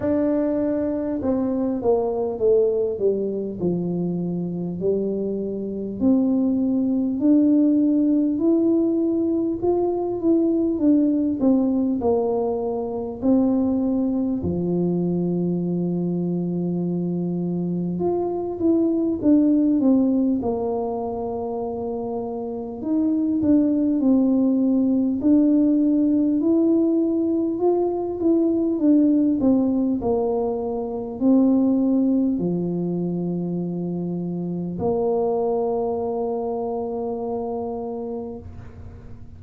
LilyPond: \new Staff \with { instrumentName = "tuba" } { \time 4/4 \tempo 4 = 50 d'4 c'8 ais8 a8 g8 f4 | g4 c'4 d'4 e'4 | f'8 e'8 d'8 c'8 ais4 c'4 | f2. f'8 e'8 |
d'8 c'8 ais2 dis'8 d'8 | c'4 d'4 e'4 f'8 e'8 | d'8 c'8 ais4 c'4 f4~ | f4 ais2. | }